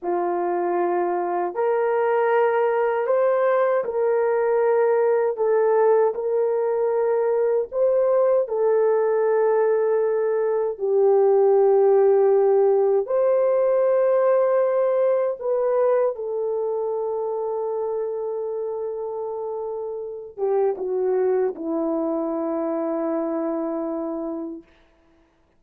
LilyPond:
\new Staff \with { instrumentName = "horn" } { \time 4/4 \tempo 4 = 78 f'2 ais'2 | c''4 ais'2 a'4 | ais'2 c''4 a'4~ | a'2 g'2~ |
g'4 c''2. | b'4 a'2.~ | a'2~ a'8 g'8 fis'4 | e'1 | }